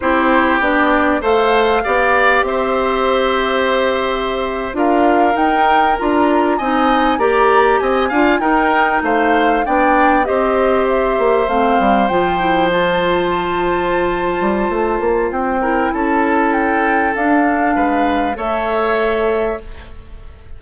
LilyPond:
<<
  \new Staff \with { instrumentName = "flute" } { \time 4/4 \tempo 4 = 98 c''4 d''4 f''2 | e''2.~ e''8. f''16~ | f''8. g''4 ais''4 gis''4 ais''16~ | ais''8. gis''4 g''4 f''4 g''16~ |
g''8. dis''4 e''4 f''4 g''16~ | g''8. a''2.~ a''16~ | a''4 g''4 a''4 g''4 | f''2 e''2 | }
  \new Staff \with { instrumentName = "oboe" } { \time 4/4 g'2 c''4 d''4 | c''2.~ c''8. ais'16~ | ais'2~ ais'8. dis''4 d''16~ | d''8. dis''8 f''8 ais'4 c''4 d''16~ |
d''8. c''2.~ c''16~ | c''1~ | c''4. ais'8 a'2~ | a'4 b'4 cis''2 | }
  \new Staff \with { instrumentName = "clarinet" } { \time 4/4 e'4 d'4 a'4 g'4~ | g'2.~ g'8. f'16~ | f'8. dis'4 f'4 dis'4 g'16~ | g'4~ g'16 f'8 dis'2 d'16~ |
d'8. g'2 c'4 f'16~ | f'16 e'8 f'2.~ f'16~ | f'4. e'2~ e'8 | d'2 a'2 | }
  \new Staff \with { instrumentName = "bassoon" } { \time 4/4 c'4 b4 a4 b4 | c'2.~ c'8. d'16~ | d'8. dis'4 d'4 c'4 ais16~ | ais8. c'8 d'8 dis'4 a4 b16~ |
b8. c'4. ais8 a8 g8 f16~ | f2.~ f8 g8 | a8 ais8 c'4 cis'2 | d'4 gis4 a2 | }
>>